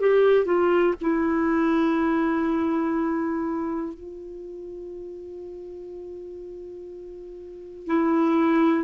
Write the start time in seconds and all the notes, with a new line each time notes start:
0.00 G4
0.45 F4
1.01 E4
3.94 F4
7.86 E4